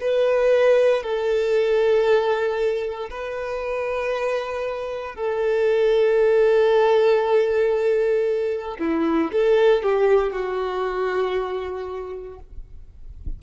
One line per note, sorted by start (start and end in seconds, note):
0.00 1.03 B4
1.03 3.09 A4
3.10 5.15 B4
5.15 8.77 A4
8.79 9.31 E4
9.32 9.82 A4
9.82 10.32 G4
10.32 12.39 F#4